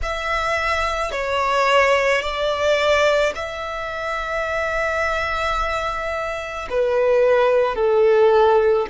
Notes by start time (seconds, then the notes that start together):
0.02 E5
1.11 C#5
2.21 D5
3.35 E5
6.70 B4
7.75 A4